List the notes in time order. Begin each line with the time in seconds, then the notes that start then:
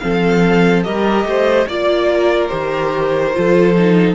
0.00 F3 C4 A4 F5
0.84 G3 G4 A#4 D#5
1.25 A3 C5
1.68 A#3 F4 D5
2.15 A#4
2.49 D#3 G4 C5
3.34 F3 F4 A4
3.78 D#4